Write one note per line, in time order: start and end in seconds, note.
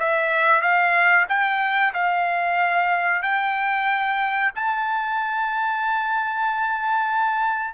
0.00 0.62 E5
0.62 1.26 F5
1.29 1.94 G5
1.94 3.23 F5
3.23 4.52 G5
4.55 7.74 A5